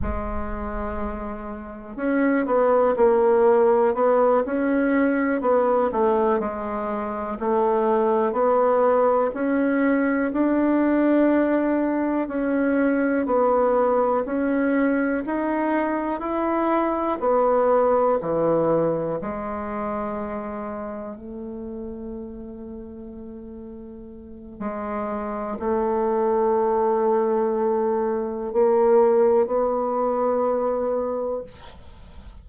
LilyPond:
\new Staff \with { instrumentName = "bassoon" } { \time 4/4 \tempo 4 = 61 gis2 cis'8 b8 ais4 | b8 cis'4 b8 a8 gis4 a8~ | a8 b4 cis'4 d'4.~ | d'8 cis'4 b4 cis'4 dis'8~ |
dis'8 e'4 b4 e4 gis8~ | gis4. a2~ a8~ | a4 gis4 a2~ | a4 ais4 b2 | }